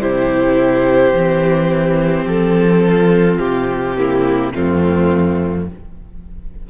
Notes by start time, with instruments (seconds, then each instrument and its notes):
0.00 cello C3, viola E4, violin G4 C5
1.14 cello E3, viola C4
2.25 cello F3, violin A4
2.88 violin F4
3.39 cello C3, violin G4
3.97 viola A#3, violin E4
4.53 cello F2, viola A3, violin C4 F4